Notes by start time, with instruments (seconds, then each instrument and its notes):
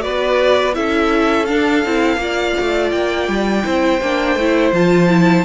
0.00 cello B3, viola F#4, violin B4 D5
0.73 cello C#4, viola E4, violin A4 E5
1.45 viola D4, cello D4, violin F5
1.85 cello C4, viola E4
2.17 cello A#3, viola F4, violin D5
2.60 cello A3
2.91 cello A#3, violin G5
3.28 cello G3
3.63 cello C4, viola E4, violin C5
4.01 cello A#3, viola D4
4.35 cello A3, viola E4
4.72 cello F3, viola F4, violin A5
5.09 viola E4